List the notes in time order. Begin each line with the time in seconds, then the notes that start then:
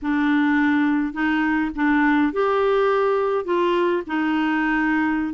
0.02 D4
1.13 D#4
1.75 D4
2.32 G4
3.45 F4
4.06 D#4